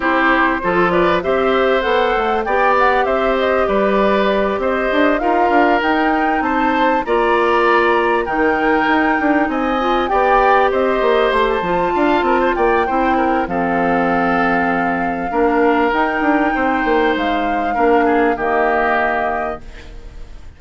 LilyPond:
<<
  \new Staff \with { instrumentName = "flute" } { \time 4/4 \tempo 4 = 98 c''4. d''8 e''4 fis''4 | g''8 fis''8 e''8 dis''8 d''4. dis''8~ | dis''8 f''4 g''4 a''4 ais''8~ | ais''4. g''2 gis''8~ |
gis''8 g''4 dis''4 c'''16 a''4~ a''16~ | a''8 g''4. f''2~ | f''2 g''2 | f''2 dis''2 | }
  \new Staff \with { instrumentName = "oboe" } { \time 4/4 g'4 a'8 b'8 c''2 | d''4 c''4 b'4. c''8~ | c''8 ais'2 c''4 d''8~ | d''4. ais'2 dis''8~ |
dis''8 d''4 c''2 f''8 | ais'16 c''16 d''8 c''8 ais'8 a'2~ | a'4 ais'2 c''4~ | c''4 ais'8 gis'8 g'2 | }
  \new Staff \with { instrumentName = "clarinet" } { \time 4/4 e'4 f'4 g'4 a'4 | g'1~ | g'8 f'4 dis'2 f'8~ | f'4. dis'2~ dis'8 |
f'8 g'2~ g'8 f'4~ | f'4 e'4 c'2~ | c'4 d'4 dis'2~ | dis'4 d'4 ais2 | }
  \new Staff \with { instrumentName = "bassoon" } { \time 4/4 c'4 f4 c'4 b8 a8 | b4 c'4 g4. c'8 | d'8 dis'8 d'8 dis'4 c'4 ais8~ | ais4. dis4 dis'8 d'8 c'8~ |
c'8 b4 c'8 ais8 a8 f8 d'8 | c'8 ais8 c'4 f2~ | f4 ais4 dis'8 d'8 c'8 ais8 | gis4 ais4 dis2 | }
>>